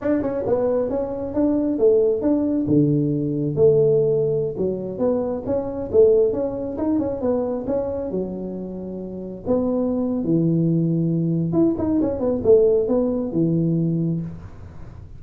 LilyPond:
\new Staff \with { instrumentName = "tuba" } { \time 4/4 \tempo 4 = 135 d'8 cis'8 b4 cis'4 d'4 | a4 d'4 d2 | a2~ a16 fis4 b8.~ | b16 cis'4 a4 cis'4 dis'8 cis'16~ |
cis'16 b4 cis'4 fis4.~ fis16~ | fis4~ fis16 b4.~ b16 e4~ | e2 e'8 dis'8 cis'8 b8 | a4 b4 e2 | }